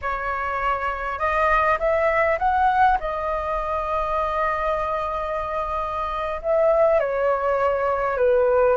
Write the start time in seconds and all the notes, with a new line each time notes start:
0.01 C#5
1.18 D#5
1.79 E5
2.38 F#5
3.00 D#5
6.42 E5
6.99 C#5
8.17 B4